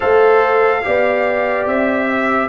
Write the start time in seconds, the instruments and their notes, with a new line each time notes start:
0.00 tuba A3, trombone A4, horn C5, trumpet F5
0.83 tuba B3, trombone G4, horn D5
1.65 tuba C4, trumpet E5
2.07 horn E5